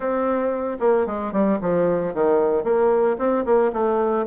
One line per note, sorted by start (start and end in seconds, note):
0.00 0.77 C4
0.80 1.06 A#3
1.06 1.32 G#3
1.32 1.58 G3
1.61 2.14 F3
2.14 2.63 D#3
2.63 3.16 A#3
3.18 3.44 C4
3.45 3.71 A#3
3.72 4.26 A3